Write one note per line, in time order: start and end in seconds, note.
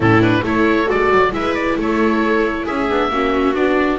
0.00 0.42 A2
0.00 0.20 C#4
0.00 0.43 E4
0.00 0.22 A4
0.20 0.43 D4
0.20 0.44 B4
0.42 0.87 A3
0.42 0.85 E4
0.42 1.33 A4
0.42 0.90 C#5
0.85 1.11 G#3
0.85 1.30 F#4
0.85 1.33 D5
1.11 1.31 F#3
1.31 1.76 G#3
1.31 2.87 E4
1.31 1.79 B4
1.31 1.54 E5
1.54 1.76 D5
1.76 2.65 A3
1.76 2.65 A4
1.76 2.66 C#5
2.65 2.89 C#4
2.65 3.09 G#4
2.65 3.54 E5
2.89 3.10 B3
2.89 3.11 D4
3.10 3.54 A#3
3.10 3.54 C#4
3.10 3.98 F#4
3.54 3.98 B3
3.54 3.98 D4
3.54 3.98 D5